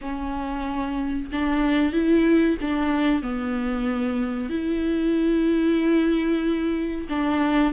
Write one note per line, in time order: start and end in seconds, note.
0.01 1.30 C#4
1.31 1.92 D4
1.92 2.57 E4
2.61 3.22 D4
3.22 4.49 B3
4.49 7.07 E4
7.09 7.73 D4